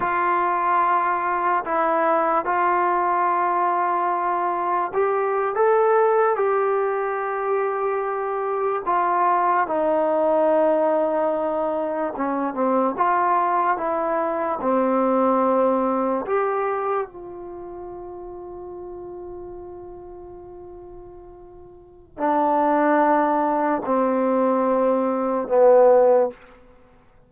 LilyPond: \new Staff \with { instrumentName = "trombone" } { \time 4/4 \tempo 4 = 73 f'2 e'4 f'4~ | f'2 g'8. a'4 g'16~ | g'2~ g'8. f'4 dis'16~ | dis'2~ dis'8. cis'8 c'8 f'16~ |
f'8. e'4 c'2 g'16~ | g'8. f'2.~ f'16~ | f'2. d'4~ | d'4 c'2 b4 | }